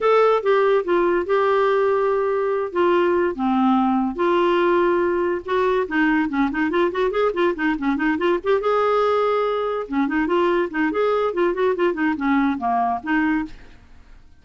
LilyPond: \new Staff \with { instrumentName = "clarinet" } { \time 4/4 \tempo 4 = 143 a'4 g'4 f'4 g'4~ | g'2~ g'8 f'4. | c'2 f'2~ | f'4 fis'4 dis'4 cis'8 dis'8 |
f'8 fis'8 gis'8 f'8 dis'8 cis'8 dis'8 f'8 | g'8 gis'2. cis'8 | dis'8 f'4 dis'8 gis'4 f'8 fis'8 | f'8 dis'8 cis'4 ais4 dis'4 | }